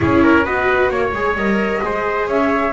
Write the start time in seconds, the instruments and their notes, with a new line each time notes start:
0.00 double bass C#4, viola E4, trumpet G#4, flute C#5
0.23 trumpet A#4
0.44 double bass B3, viola F#4, trumpet B4, flute D#5
0.89 double bass A#3, trumpet C#5, flute C#5
1.12 double bass G#3, viola G#4
1.35 double bass G3, viola A#4, flute D#5
1.81 double bass G#3, viola G#4, trumpet C5
2.27 double bass C#4, trumpet C#5, flute E5